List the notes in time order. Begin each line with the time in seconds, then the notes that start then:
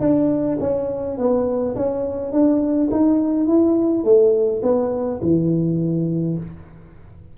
0.00 D4
0.60 C#4
1.18 B3
1.76 C#4
2.32 D4
2.91 D#4
3.46 E4
4.04 A3
4.62 B3
5.22 E3